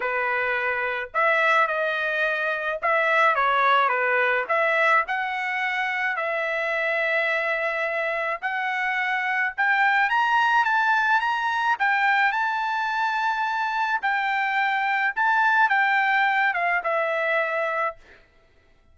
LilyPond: \new Staff \with { instrumentName = "trumpet" } { \time 4/4 \tempo 4 = 107 b'2 e''4 dis''4~ | dis''4 e''4 cis''4 b'4 | e''4 fis''2 e''4~ | e''2. fis''4~ |
fis''4 g''4 ais''4 a''4 | ais''4 g''4 a''2~ | a''4 g''2 a''4 | g''4. f''8 e''2 | }